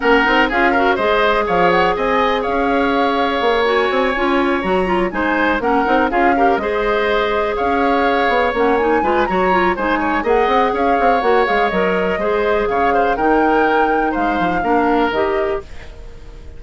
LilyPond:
<<
  \new Staff \with { instrumentName = "flute" } { \time 4/4 \tempo 4 = 123 fis''4 f''4 dis''4 f''8 fis''8 | gis''4 f''2~ f''8 gis''8~ | gis''4. ais''4 gis''4 fis''8~ | fis''8 f''4 dis''2 f''8~ |
f''4. fis''8 gis''4 ais''4 | gis''4 fis''4 f''4 fis''8 f''8 | dis''2 f''4 g''4~ | g''4 f''2 dis''4 | }
  \new Staff \with { instrumentName = "oboe" } { \time 4/4 ais'4 gis'8 ais'8 c''4 cis''4 | dis''4 cis''2.~ | cis''2~ cis''8 c''4 ais'8~ | ais'8 gis'8 ais'8 c''2 cis''8~ |
cis''2~ cis''8 b'8 cis''4 | c''8 cis''8 dis''4 cis''2~ | cis''4 c''4 cis''8 c''8 ais'4~ | ais'4 c''4 ais'2 | }
  \new Staff \with { instrumentName = "clarinet" } { \time 4/4 cis'8 dis'8 f'8 fis'8 gis'2~ | gis'2.~ gis'8 fis'8~ | fis'8 f'4 fis'8 f'8 dis'4 cis'8 | dis'8 f'8 g'8 gis'2~ gis'8~ |
gis'4. cis'8 dis'8 f'8 fis'8 f'8 | dis'4 gis'2 fis'8 gis'8 | ais'4 gis'2 dis'4~ | dis'2 d'4 g'4 | }
  \new Staff \with { instrumentName = "bassoon" } { \time 4/4 ais8 c'8 cis'4 gis4 f4 | c'4 cis'2 ais4 | c'8 cis'4 fis4 gis4 ais8 | c'8 cis'4 gis2 cis'8~ |
cis'4 b8 ais4 gis8 fis4 | gis4 ais8 c'8 cis'8 c'8 ais8 gis8 | fis4 gis4 cis4 dis4~ | dis4 gis8 f8 ais4 dis4 | }
>>